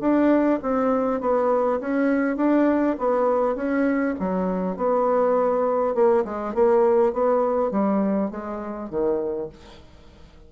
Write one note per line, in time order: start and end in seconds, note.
0.00 0.59 D4
0.62 1.21 C4
1.21 1.80 B3
1.80 2.37 C#4
2.37 2.96 D4
2.99 3.55 B3
3.55 4.15 C#4
4.19 4.77 F#3
4.77 5.95 B3
5.95 6.24 A#3
6.25 6.54 G#3
6.54 7.13 A#3
7.13 7.71 B3
7.71 8.31 G3
8.31 8.90 G#3
8.90 9.49 D#3